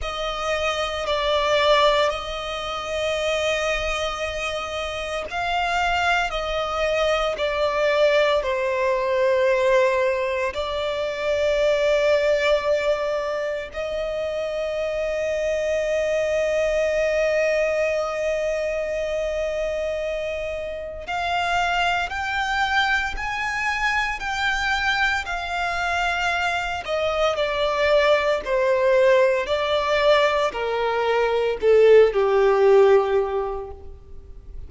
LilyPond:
\new Staff \with { instrumentName = "violin" } { \time 4/4 \tempo 4 = 57 dis''4 d''4 dis''2~ | dis''4 f''4 dis''4 d''4 | c''2 d''2~ | d''4 dis''2.~ |
dis''1 | f''4 g''4 gis''4 g''4 | f''4. dis''8 d''4 c''4 | d''4 ais'4 a'8 g'4. | }